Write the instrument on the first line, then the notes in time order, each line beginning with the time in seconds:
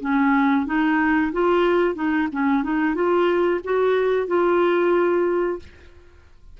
clarinet
0.00 C#4
0.66 D#4
1.32 F4
1.95 D#4
2.32 C#4
2.63 D#4
2.95 F4
3.64 F#4
4.27 F4